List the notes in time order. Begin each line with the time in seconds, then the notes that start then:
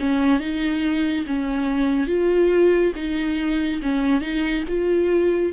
0.00 C#4
0.40 D#4
1.27 C#4
2.08 F4
2.96 D#4
3.83 C#4
4.21 D#4
4.68 F4